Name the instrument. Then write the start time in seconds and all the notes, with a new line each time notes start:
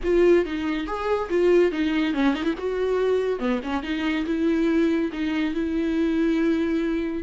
viola
0.03 F4
0.45 D#4
0.86 G#4
1.29 F4
1.71 D#4
2.13 C#4
2.34 D#4
2.43 E4
2.57 F#4
3.39 B3
3.63 C#4
3.82 D#4
4.25 E4
5.12 D#4
5.54 E4